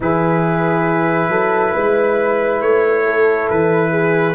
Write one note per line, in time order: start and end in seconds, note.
0.00 1.28 E3
0.00 4.34 E4
0.00 1.30 G#4
0.00 2.61 B4
1.28 1.72 F#3
1.28 1.72 A4
1.72 2.61 G#3
1.72 3.03 B4
2.61 3.48 A3
2.61 3.48 C#5
3.05 3.90 A4
3.49 4.34 E3
3.49 4.34 B4
3.90 4.34 G#4